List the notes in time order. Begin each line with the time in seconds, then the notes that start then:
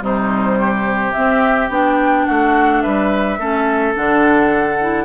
0.00 C3 G3 D#4 C5
0.59 G4
1.12 C4 E5
1.70 B3 D4 G5
2.26 A3 F#4 F#5
2.82 G3 B4 E5
3.38 A3 C#4 A4
3.95 D3 D4 F#5
4.80 E4